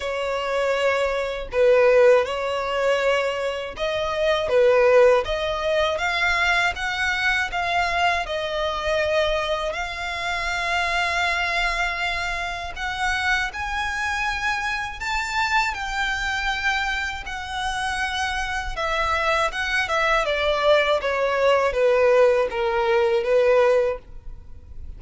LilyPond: \new Staff \with { instrumentName = "violin" } { \time 4/4 \tempo 4 = 80 cis''2 b'4 cis''4~ | cis''4 dis''4 b'4 dis''4 | f''4 fis''4 f''4 dis''4~ | dis''4 f''2.~ |
f''4 fis''4 gis''2 | a''4 g''2 fis''4~ | fis''4 e''4 fis''8 e''8 d''4 | cis''4 b'4 ais'4 b'4 | }